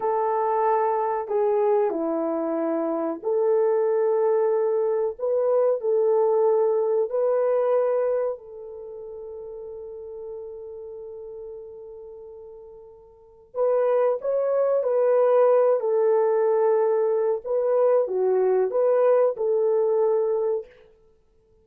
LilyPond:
\new Staff \with { instrumentName = "horn" } { \time 4/4 \tempo 4 = 93 a'2 gis'4 e'4~ | e'4 a'2. | b'4 a'2 b'4~ | b'4 a'2.~ |
a'1~ | a'4 b'4 cis''4 b'4~ | b'8 a'2~ a'8 b'4 | fis'4 b'4 a'2 | }